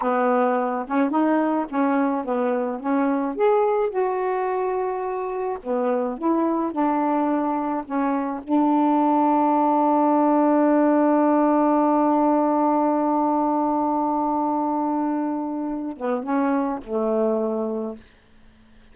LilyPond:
\new Staff \with { instrumentName = "saxophone" } { \time 4/4 \tempo 4 = 107 b4. cis'8 dis'4 cis'4 | b4 cis'4 gis'4 fis'4~ | fis'2 b4 e'4 | d'2 cis'4 d'4~ |
d'1~ | d'1~ | d'1~ | d'8 b8 cis'4 a2 | }